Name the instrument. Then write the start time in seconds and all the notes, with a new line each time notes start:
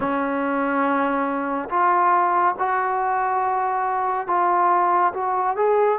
trombone
0.00 C#4
1.69 F4
2.58 F#4
4.27 F4
5.13 F#4
5.56 G#4